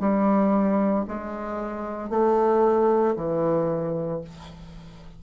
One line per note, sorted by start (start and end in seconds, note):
0.00 1.05 G3
1.08 2.10 G#3
2.10 3.15 A3
3.16 4.22 E3